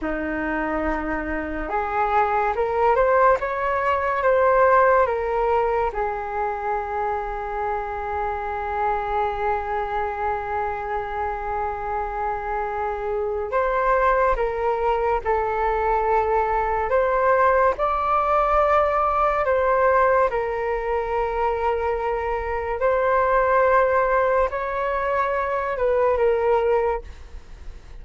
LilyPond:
\new Staff \with { instrumentName = "flute" } { \time 4/4 \tempo 4 = 71 dis'2 gis'4 ais'8 c''8 | cis''4 c''4 ais'4 gis'4~ | gis'1~ | gis'1 |
c''4 ais'4 a'2 | c''4 d''2 c''4 | ais'2. c''4~ | c''4 cis''4. b'8 ais'4 | }